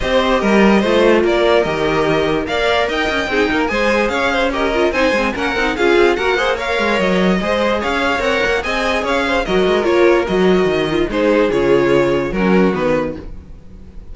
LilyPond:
<<
  \new Staff \with { instrumentName = "violin" } { \time 4/4 \tempo 4 = 146 dis''2. d''4 | dis''2 f''4 g''4~ | g''4 gis''4 f''4 dis''4 | gis''4 fis''4 f''4 fis''4 |
f''4 dis''2 f''4 | fis''4 gis''4 f''4 dis''4 | cis''4 dis''2 c''4 | cis''2 ais'4 b'4 | }
  \new Staff \with { instrumentName = "violin" } { \time 4/4 c''4 ais'4 c''4 ais'4~ | ais'2 d''4 dis''4 | gis'8 ais'8 c''4 cis''8 c''8 ais'4 | c''4 ais'4 gis'4 ais'8 c''8 |
cis''2 c''4 cis''4~ | cis''4 dis''4 cis''8 c''8 ais'4~ | ais'2. gis'4~ | gis'2 fis'2 | }
  \new Staff \with { instrumentName = "viola" } { \time 4/4 g'2 f'2 | g'2 ais'2 | dis'4 gis'2 g'8 f'8 | dis'8 c'8 cis'8 dis'8 f'4 fis'8 gis'8 |
ais'2 gis'2 | ais'4 gis'2 fis'4 | f'4 fis'4. f'8 dis'4 | f'2 cis'4 b4 | }
  \new Staff \with { instrumentName = "cello" } { \time 4/4 c'4 g4 a4 ais4 | dis2 ais4 dis'8 cis'8 | c'8 ais8 gis4 cis'2 | c'8 gis8 ais8 c'8 cis'8 c'8 ais4~ |
ais8 gis8 fis4 gis4 cis'4 | c'8 ais8 c'4 cis'4 fis8 gis8 | ais4 fis4 dis4 gis4 | cis2 fis4 dis4 | }
>>